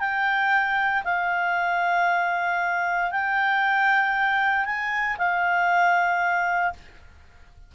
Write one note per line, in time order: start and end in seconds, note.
0.00 1.03 G5
1.04 3.11 F5
3.11 4.66 G5
4.66 5.17 G#5
5.18 6.73 F5